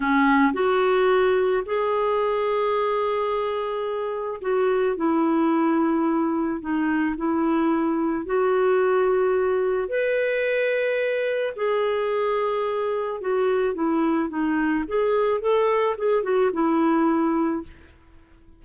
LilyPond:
\new Staff \with { instrumentName = "clarinet" } { \time 4/4 \tempo 4 = 109 cis'4 fis'2 gis'4~ | gis'1 | fis'4 e'2. | dis'4 e'2 fis'4~ |
fis'2 b'2~ | b'4 gis'2. | fis'4 e'4 dis'4 gis'4 | a'4 gis'8 fis'8 e'2 | }